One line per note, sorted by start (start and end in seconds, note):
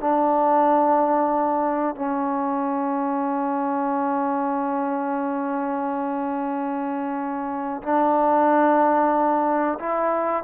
0.00 1.95 D4
1.95 7.82 C#4
7.83 9.78 D4
9.79 10.43 E4